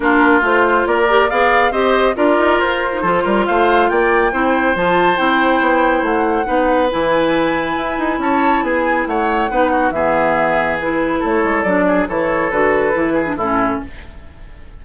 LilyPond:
<<
  \new Staff \with { instrumentName = "flute" } { \time 4/4 \tempo 4 = 139 ais'4 c''4 d''4 f''4 | dis''4 d''4 c''2 | f''4 g''2 a''4 | g''2 fis''2 |
gis''2. a''4 | gis''4 fis''2 e''4~ | e''4 b'4 cis''4 d''4 | cis''4 b'2 a'4 | }
  \new Staff \with { instrumentName = "oboe" } { \time 4/4 f'2 ais'4 d''4 | c''4 ais'2 a'8 ais'8 | c''4 d''4 c''2~ | c''2. b'4~ |
b'2. cis''4 | gis'4 cis''4 b'8 fis'8 gis'4~ | gis'2 a'4. gis'8 | a'2~ a'8 gis'8 e'4 | }
  \new Staff \with { instrumentName = "clarinet" } { \time 4/4 d'4 f'4. g'8 gis'4 | g'4 f'4.~ f'16 dis'16 f'4~ | f'2 e'4 f'4 | e'2. dis'4 |
e'1~ | e'2 dis'4 b4~ | b4 e'2 d'4 | e'4 fis'4 e'8. d'16 cis'4 | }
  \new Staff \with { instrumentName = "bassoon" } { \time 4/4 ais4 a4 ais4 b4 | c'4 d'8 dis'8 f'4 f8 g8 | a4 ais4 c'4 f4 | c'4 b4 a4 b4 |
e2 e'8 dis'8 cis'4 | b4 a4 b4 e4~ | e2 a8 gis8 fis4 | e4 d4 e4 a,4 | }
>>